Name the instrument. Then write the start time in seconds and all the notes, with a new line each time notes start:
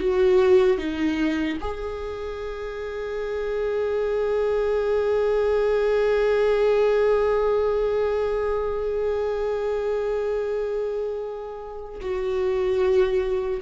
viola
0.00 F#4
0.78 D#4
1.61 G#4
12.01 F#4